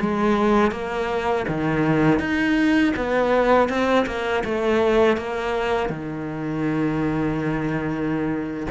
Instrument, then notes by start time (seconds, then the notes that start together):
cello
0.00 G#3
0.71 A#3
1.48 D#3
2.20 D#4
2.96 B3
3.69 C4
4.06 A#3
4.44 A3
5.17 A#3
5.90 D#3